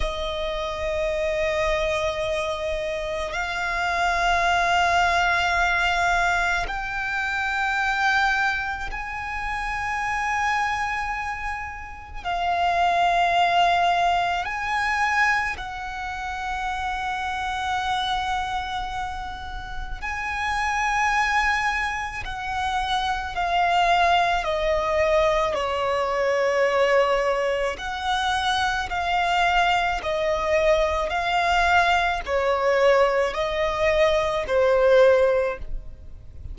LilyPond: \new Staff \with { instrumentName = "violin" } { \time 4/4 \tempo 4 = 54 dis''2. f''4~ | f''2 g''2 | gis''2. f''4~ | f''4 gis''4 fis''2~ |
fis''2 gis''2 | fis''4 f''4 dis''4 cis''4~ | cis''4 fis''4 f''4 dis''4 | f''4 cis''4 dis''4 c''4 | }